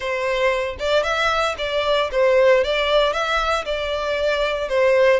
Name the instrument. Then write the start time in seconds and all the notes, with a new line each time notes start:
violin
0.00 C5
0.79 D5
1.03 E5
1.58 D5
2.11 C5
2.64 D5
3.12 E5
3.65 D5
4.68 C5